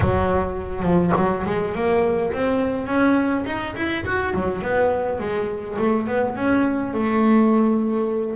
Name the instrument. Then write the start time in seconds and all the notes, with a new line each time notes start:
double bass
0.00 F#3
0.83 F3
1.16 F#3
1.46 G#3
1.74 A#3
2.32 C4
2.86 C#4
3.45 D#4
3.76 E4
4.05 F#4
4.34 F#3
4.62 B3
5.19 G#3
5.78 A3
6.07 B3
6.35 C#4
6.93 A3